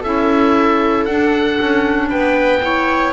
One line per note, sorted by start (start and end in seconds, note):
0.00 1.06 C#4
0.00 1.08 E4
0.00 2.07 A4
0.00 1.05 E5
1.05 1.58 D4
1.05 2.62 D4
1.05 2.08 F#5
1.60 2.12 C#4
2.09 3.13 B3
2.09 2.61 B4
2.09 3.13 G5
2.62 3.13 E4
2.62 3.13 C#5